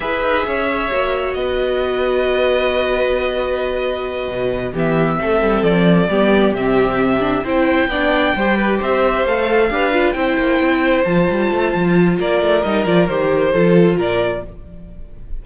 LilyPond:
<<
  \new Staff \with { instrumentName = "violin" } { \time 4/4 \tempo 4 = 133 e''2. dis''4~ | dis''1~ | dis''2~ dis''8 e''4.~ | e''8 d''2 e''4.~ |
e''8 g''2. e''8~ | e''8 f''2 g''4.~ | g''8 a''2~ a''8 d''4 | dis''8 d''8 c''2 d''4 | }
  \new Staff \with { instrumentName = "violin" } { \time 4/4 b'4 cis''2 b'4~ | b'1~ | b'2~ b'8 g'4 a'8~ | a'4. g'2~ g'8~ |
g'8 c''4 d''4 c''8 b'8 c''8~ | c''4. b'4 c''4.~ | c''2. ais'4~ | ais'2 a'4 ais'4 | }
  \new Staff \with { instrumentName = "viola" } { \time 4/4 gis'2 fis'2~ | fis'1~ | fis'2~ fis'8 b4 c'8~ | c'4. b4 c'4. |
d'8 e'4 d'4 g'4.~ | g'8 a'4 g'8 f'8 e'4.~ | e'8 f'2.~ f'8 | dis'8 f'8 g'4 f'2 | }
  \new Staff \with { instrumentName = "cello" } { \time 4/4 e'8 dis'8 cis'4 ais4 b4~ | b1~ | b4. b,4 e4 a8 | g8 f4 g4 c4.~ |
c8 c'4 b4 g4 c'8~ | c'8 a4 d'4 c'8 ais8 c'8~ | c'8 f8 g8 a8 f4 ais8 a8 | g8 f8 dis4 f4 ais,4 | }
>>